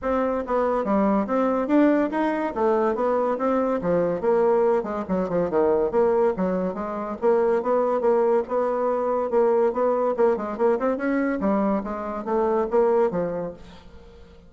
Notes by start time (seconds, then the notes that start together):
0.02 C4
0.46 B3
0.84 G3
1.27 C4
1.67 D4
2.10 D#4
2.54 A3
2.95 B3
3.38 C4
3.81 F3
4.20 A#3
4.83 G#3
5.08 F#3
5.29 F3
5.49 D#3
5.91 A#3
6.36 F#3
6.74 G#3
7.21 A#3
7.62 B3
8.01 A#3
8.47 B3
9.30 A#3
9.72 B3
10.17 A#3
10.36 G#3
10.57 A#3
10.79 C4
10.97 C#4
11.40 G3
11.83 G#3
12.24 A3
12.70 A#3
13.10 F3